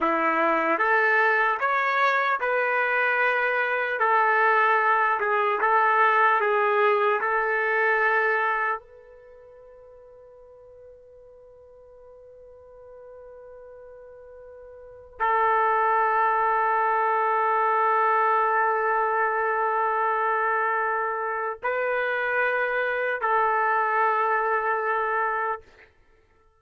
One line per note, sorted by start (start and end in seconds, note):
0.00 0.78 E4
0.78 1.58 A4
1.59 2.39 C#5
2.40 3.99 B4
3.99 5.19 A4
5.20 5.60 G#4
5.60 6.40 A4
6.40 7.20 G#4
7.20 8.79 A4
8.79 15.19 B4
15.19 21.59 A4
21.62 23.21 B4
23.21 25.61 A4